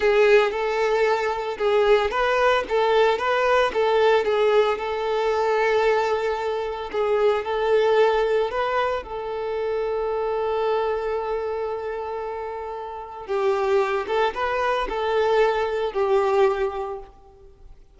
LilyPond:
\new Staff \with { instrumentName = "violin" } { \time 4/4 \tempo 4 = 113 gis'4 a'2 gis'4 | b'4 a'4 b'4 a'4 | gis'4 a'2.~ | a'4 gis'4 a'2 |
b'4 a'2.~ | a'1~ | a'4 g'4. a'8 b'4 | a'2 g'2 | }